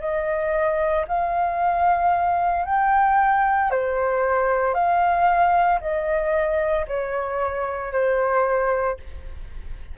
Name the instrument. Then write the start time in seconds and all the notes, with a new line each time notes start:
flute
0.00 D#5
1.08 F5
2.66 G5
3.70 C5
4.74 F5
5.80 D#5
6.87 C#5
7.92 C5